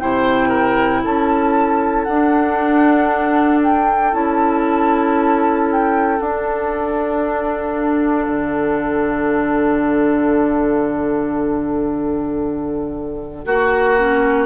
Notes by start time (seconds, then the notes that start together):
0.00 C3 E4 C5 G5
0.49 A#4
1.04 C#4 A4 A5
2.04 D4 F#5
2.10 D4
3.64 G5
4.13 C#4 E4 A5
5.72 G5
6.21 D4 F#5
8.28 D3
13.45 A#3 F#4
13.98 C#4